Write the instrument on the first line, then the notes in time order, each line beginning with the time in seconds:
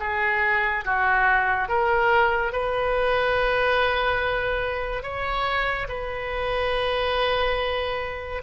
oboe
0.00 G#4
0.85 F#4
1.68 A#4
2.53 B4
5.03 C#5
5.88 B4